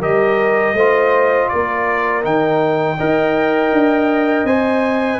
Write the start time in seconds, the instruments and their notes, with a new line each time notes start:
0.00 tuba G3, trombone G4, horn A#4, trumpet D#5
0.74 tuba A3, trombone F4, horn C5
1.49 tuba A#3, horn A#4, trumpet D5
2.23 tuba D#3, trombone D#4, trumpet G5
2.98 tuba D#4, trombone A#4, horn D#5
3.72 tuba D4
4.44 tuba C4, trombone C5, trumpet G#5